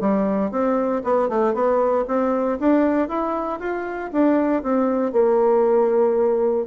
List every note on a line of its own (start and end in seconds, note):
0.00 0.51 G3
0.51 1.02 C4
1.03 1.28 B3
1.28 1.54 A3
1.54 2.05 B3
2.07 2.59 C4
2.59 3.08 D4
3.08 3.59 E4
3.59 4.10 F4
4.12 4.62 D4
4.62 5.12 C4
5.12 6.66 A#3